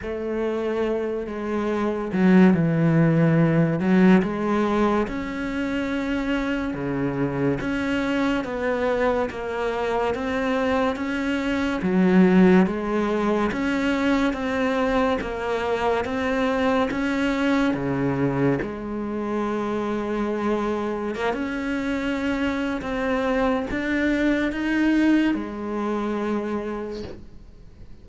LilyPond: \new Staff \with { instrumentName = "cello" } { \time 4/4 \tempo 4 = 71 a4. gis4 fis8 e4~ | e8 fis8 gis4 cis'2 | cis4 cis'4 b4 ais4 | c'4 cis'4 fis4 gis4 |
cis'4 c'4 ais4 c'4 | cis'4 cis4 gis2~ | gis4 ais16 cis'4.~ cis'16 c'4 | d'4 dis'4 gis2 | }